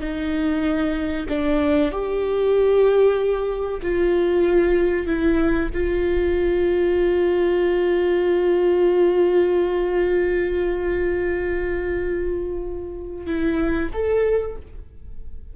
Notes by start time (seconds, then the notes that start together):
0.00 D#4
1.29 D4
1.91 G4
3.82 F4
5.06 E4
5.73 F4
13.26 E4
13.93 A4